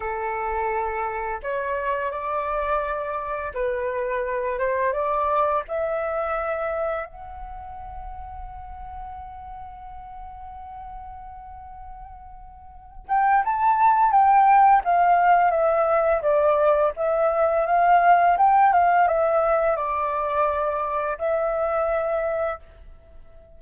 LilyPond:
\new Staff \with { instrumentName = "flute" } { \time 4/4 \tempo 4 = 85 a'2 cis''4 d''4~ | d''4 b'4. c''8 d''4 | e''2 fis''2~ | fis''1~ |
fis''2~ fis''8 g''8 a''4 | g''4 f''4 e''4 d''4 | e''4 f''4 g''8 f''8 e''4 | d''2 e''2 | }